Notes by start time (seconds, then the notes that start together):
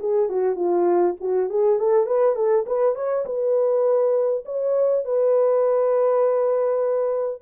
0.00 G#4
0.29 F#4
0.56 F4
1.21 F#4
1.50 G#4
1.79 A4
2.06 B4
2.36 A4
2.67 B4
2.95 C#5
3.26 B4
4.45 C#5
5.05 B4